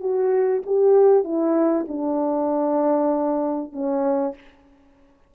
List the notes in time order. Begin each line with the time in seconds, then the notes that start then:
0.00 F#4
0.66 G4
1.24 E4
1.88 D4
3.73 C#4